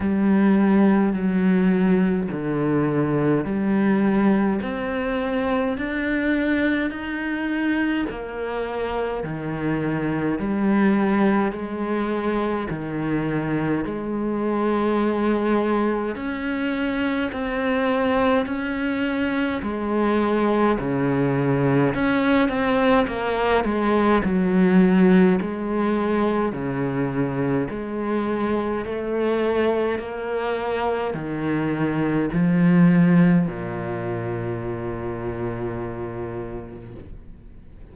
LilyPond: \new Staff \with { instrumentName = "cello" } { \time 4/4 \tempo 4 = 52 g4 fis4 d4 g4 | c'4 d'4 dis'4 ais4 | dis4 g4 gis4 dis4 | gis2 cis'4 c'4 |
cis'4 gis4 cis4 cis'8 c'8 | ais8 gis8 fis4 gis4 cis4 | gis4 a4 ais4 dis4 | f4 ais,2. | }